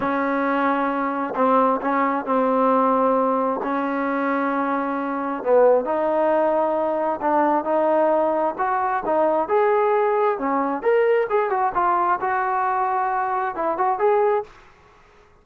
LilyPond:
\new Staff \with { instrumentName = "trombone" } { \time 4/4 \tempo 4 = 133 cis'2. c'4 | cis'4 c'2. | cis'1 | b4 dis'2. |
d'4 dis'2 fis'4 | dis'4 gis'2 cis'4 | ais'4 gis'8 fis'8 f'4 fis'4~ | fis'2 e'8 fis'8 gis'4 | }